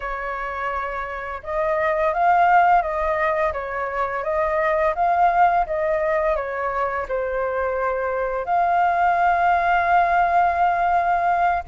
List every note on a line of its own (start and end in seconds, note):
0.00 1.41 C#5
1.43 2.13 D#5
2.13 2.81 F5
2.81 3.52 D#5
3.53 4.23 C#5
4.23 4.94 D#5
4.95 5.65 F5
5.66 6.35 D#5
6.35 7.06 C#5
7.08 8.45 C5
8.45 11.63 F5